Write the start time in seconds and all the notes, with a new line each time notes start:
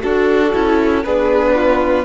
0.00 D4 F#4 A4
0.53 C#4 E4
1.04 B3 D4 G#4 B4
1.55 F4